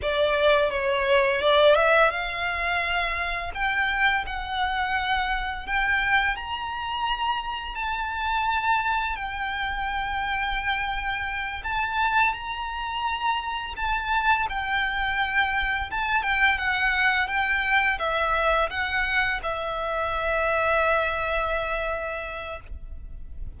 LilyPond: \new Staff \with { instrumentName = "violin" } { \time 4/4 \tempo 4 = 85 d''4 cis''4 d''8 e''8 f''4~ | f''4 g''4 fis''2 | g''4 ais''2 a''4~ | a''4 g''2.~ |
g''8 a''4 ais''2 a''8~ | a''8 g''2 a''8 g''8 fis''8~ | fis''8 g''4 e''4 fis''4 e''8~ | e''1 | }